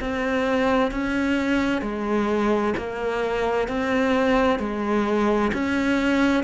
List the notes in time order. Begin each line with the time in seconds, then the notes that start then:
0.00 C4
0.91 C#4
1.82 G#3
2.78 A#3
3.68 C4
4.59 G#3
5.53 C#4